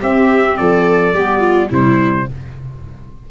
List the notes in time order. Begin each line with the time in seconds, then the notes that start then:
0.00 C4 G4 E5
0.57 F3 A4 D5
1.13 G3 B3 G4
1.39 F4
1.69 C3 G3 E4 C5